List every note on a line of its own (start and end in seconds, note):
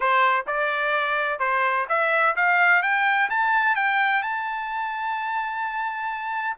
0.00 0.45 C5
0.46 1.39 D5
1.39 1.86 C5
1.89 2.35 E5
2.36 2.82 F5
2.82 3.29 G5
3.29 3.75 A5
3.75 4.22 G5
4.22 6.56 A5